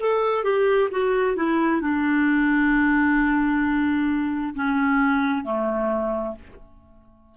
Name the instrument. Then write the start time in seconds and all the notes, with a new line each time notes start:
clarinet
0.00 A4
0.44 G4
0.91 F#4
1.36 E4
1.81 D4
4.55 C#4
5.45 A3